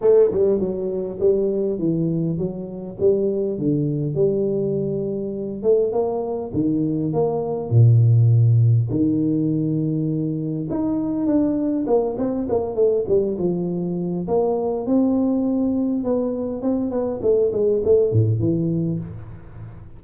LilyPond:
\new Staff \with { instrumentName = "tuba" } { \time 4/4 \tempo 4 = 101 a8 g8 fis4 g4 e4 | fis4 g4 d4 g4~ | g4. a8 ais4 dis4 | ais4 ais,2 dis4~ |
dis2 dis'4 d'4 | ais8 c'8 ais8 a8 g8 f4. | ais4 c'2 b4 | c'8 b8 a8 gis8 a8 a,8 e4 | }